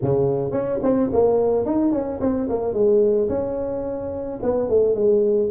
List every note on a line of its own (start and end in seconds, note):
0.02 0.51 C#3
0.51 0.79 C#4
0.83 1.10 C4
1.13 1.65 A#3
1.65 1.92 D#4
1.92 2.19 C#4
2.20 2.48 C4
2.49 2.73 A#3
2.73 3.28 G#3
3.29 4.39 C#4
4.42 4.69 B3
4.69 4.94 A3
4.94 5.49 G#3